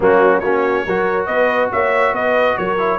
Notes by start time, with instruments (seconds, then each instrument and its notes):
0.00 tuba F#3, trombone A#3, horn C#4, trumpet F#4
0.39 tuba A#3, trombone C#4, horn F#4, trumpet C#5
0.85 tuba F#3, trombone F#4, horn A#4
1.25 tuba B3, horn B4, trumpet D#5
1.72 tuba A#3, horn C#5, trumpet E5
2.12 tuba B3, horn B4, trumpet D#5
2.57 tuba F#3, horn A#4, trumpet C#5
2.78 trombone E4